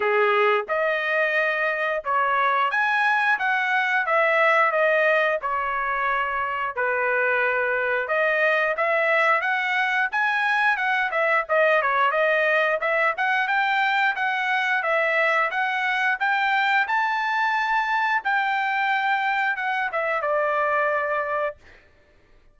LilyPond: \new Staff \with { instrumentName = "trumpet" } { \time 4/4 \tempo 4 = 89 gis'4 dis''2 cis''4 | gis''4 fis''4 e''4 dis''4 | cis''2 b'2 | dis''4 e''4 fis''4 gis''4 |
fis''8 e''8 dis''8 cis''8 dis''4 e''8 fis''8 | g''4 fis''4 e''4 fis''4 | g''4 a''2 g''4~ | g''4 fis''8 e''8 d''2 | }